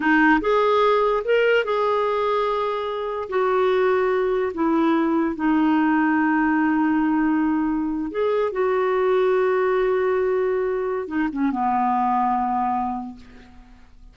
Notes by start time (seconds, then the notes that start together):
0.00 D#4
0.41 G#4
1.24 A#4
1.64 G#4
3.29 F#4
4.54 E4
5.35 D#4
8.11 G#4
8.52 F#4
11.07 D#4
11.32 C#4
11.51 B3